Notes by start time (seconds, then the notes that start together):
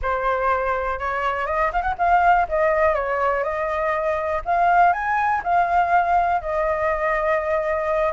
0.02 C5
0.99 C#5
1.46 D#5
1.73 F5
1.82 F#5
1.98 F5
2.48 D#5
2.94 C#5
3.43 D#5
4.45 F5
4.92 G#5
5.43 F5
6.41 D#5